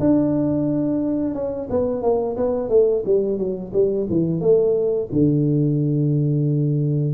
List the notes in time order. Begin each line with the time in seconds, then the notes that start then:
0.00 D4
1.34 C#4
1.70 B3
2.02 A#3
2.37 B3
2.69 A3
3.05 G3
3.38 F#3
3.73 G3
4.09 E3
4.41 A3
5.12 D3